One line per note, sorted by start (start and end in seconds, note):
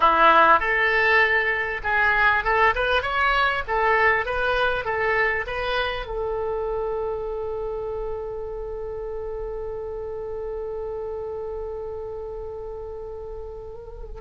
0.00 0.59 E4
0.59 1.80 A4
1.83 2.44 G#4
2.44 2.74 A4
2.75 3.02 B4
3.02 3.63 C#5
3.67 4.25 A4
4.25 4.84 B4
4.84 5.45 A4
5.47 6.06 B4
6.06 14.21 A4